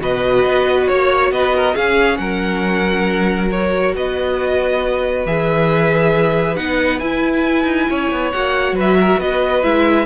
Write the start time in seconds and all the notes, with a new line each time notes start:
0.00 B2 F#4 B4 D#5
0.45 B3
0.88 A#3 C#5
1.31 B3 B4 D#5
1.56 A#4
1.75 C#4 G#4 F5
2.18 F#3 A#4 F#5
3.52 F#4 C#5
3.95 B3 B4 D#5
5.26 E3 G#4 E5
6.56 B3 D#4 F#5
7.00 E4 G#5
7.65 D#4
7.90 C#4 C#5
8.12 B3
8.32 A#3 F#4 F#5
8.72 F#3 B4
8.80 E5
9.01 A#4
9.20 B3 B4 D#5
9.63 G#3 E4 E5